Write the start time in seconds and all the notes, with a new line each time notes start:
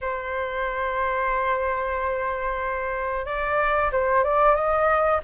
0.01 C5
3.25 D5
3.92 C5
4.24 D5
4.55 D#5